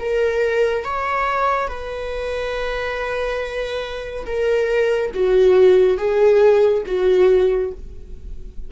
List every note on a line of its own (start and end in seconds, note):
0.00 0.85 A#4
0.85 1.68 C#5
1.68 4.25 B4
4.26 5.12 A#4
5.14 5.98 F#4
5.98 6.84 G#4
6.86 7.72 F#4